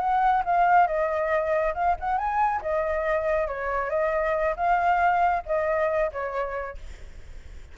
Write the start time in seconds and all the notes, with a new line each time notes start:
0.00 F#5
0.45 F5
0.87 D#5
1.75 F5
2.00 F#5
2.18 G#5
2.62 D#5
3.48 C#5
3.90 D#5
4.57 F5
5.46 D#5
6.13 C#5